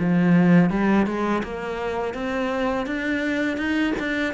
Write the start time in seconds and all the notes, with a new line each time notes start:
0.00 F3
0.71 G3
1.07 G#3
1.44 A#3
2.15 C4
2.87 D4
3.58 D#4
4.00 D4